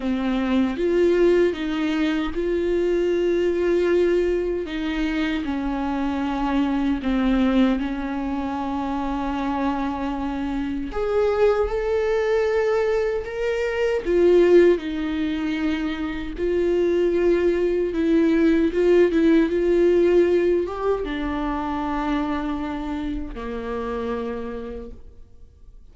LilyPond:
\new Staff \with { instrumentName = "viola" } { \time 4/4 \tempo 4 = 77 c'4 f'4 dis'4 f'4~ | f'2 dis'4 cis'4~ | cis'4 c'4 cis'2~ | cis'2 gis'4 a'4~ |
a'4 ais'4 f'4 dis'4~ | dis'4 f'2 e'4 | f'8 e'8 f'4. g'8 d'4~ | d'2 ais2 | }